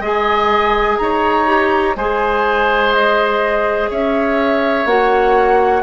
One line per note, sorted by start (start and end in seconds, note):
0.00 0.97 G#3
0.00 1.46 G#4
0.00 0.98 D#5
0.07 0.98 G#5
0.98 1.96 D#4
0.98 1.97 C#5
0.98 1.95 A#5
1.46 1.95 G4
1.96 3.90 G#3
1.96 4.88 G#4
1.96 3.90 C5
1.96 2.93 G#5
2.93 3.89 D#5
3.90 4.85 C#4
3.90 5.83 C#5
3.90 4.87 E5
4.85 5.82 A#3
4.85 5.83 F#4
4.85 5.83 F#5